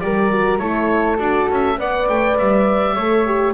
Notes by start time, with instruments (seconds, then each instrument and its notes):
0.00 double bass G3, horn G4, flute A#4, oboe D5
0.30 horn F#4
0.58 double bass A3, horn E4, flute A4, oboe C#5
1.17 double bass D4, horn F#4, oboe D5
1.50 double bass C#4, oboe E5
1.78 double bass B3, horn B4, flute D5, oboe F#5
2.08 double bass A3, oboe G5
2.38 double bass G3, oboe E5
2.95 double bass A3, horn A4, flute C#5
3.26 horn G4